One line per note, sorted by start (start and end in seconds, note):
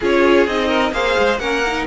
0.00 0.46 C#4
0.00 0.47 F4
0.00 0.67 G#4
0.00 0.46 C#5
0.46 0.92 C4
0.46 0.92 D#4
0.46 0.93 D#5
0.67 0.91 A#4
0.92 1.15 A#3
0.92 1.39 G#4
0.92 1.39 C5
0.92 1.38 F5
1.18 1.39 G#3
1.38 1.86 A#3
1.38 1.63 C#4
1.38 1.86 A#4
1.38 1.85 F#5
1.66 1.87 D#4